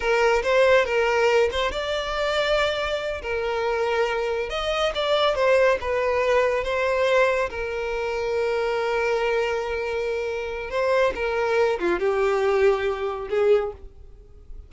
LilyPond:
\new Staff \with { instrumentName = "violin" } { \time 4/4 \tempo 4 = 140 ais'4 c''4 ais'4. c''8 | d''2.~ d''8 ais'8~ | ais'2~ ais'8 dis''4 d''8~ | d''8 c''4 b'2 c''8~ |
c''4. ais'2~ ais'8~ | ais'1~ | ais'4 c''4 ais'4. f'8 | g'2. gis'4 | }